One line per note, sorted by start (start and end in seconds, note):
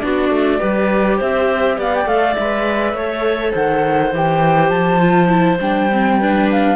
0.00 0.30 B3
0.00 0.59 D4
0.00 0.59 F#4
0.00 1.18 D5
0.30 0.59 A3
0.59 1.21 G3
0.59 2.07 G4
0.59 1.17 B4
1.17 1.78 C4
1.17 1.76 C5
1.17 1.79 E5
1.77 2.06 B3
1.77 2.94 D5
1.77 1.95 F5
1.95 2.08 G5
2.06 2.35 A3
2.06 2.36 A4
2.06 2.34 F5
2.34 2.93 G#3
2.34 3.52 E5
2.40 2.97 B4
2.93 3.52 A3
2.93 4.14 A4
2.93 3.52 C#5
3.52 4.13 D#3
3.52 6.17 C5
3.52 4.13 F#5
4.13 4.70 E3
4.13 5.00 G4
4.13 4.69 G5
4.69 5.58 F3
4.69 5.57 A5
5.00 5.28 F4
5.28 5.57 E4
5.59 6.76 G3
5.59 5.90 D4
5.59 6.49 G5
5.92 6.21 C4
6.19 6.76 D4
6.19 6.76 B4
6.51 6.76 F5